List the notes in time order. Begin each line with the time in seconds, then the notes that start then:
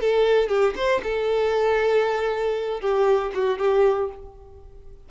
0.00 A4
0.48 G4
0.76 C5
1.03 A4
2.81 G4
3.34 F#4
3.58 G4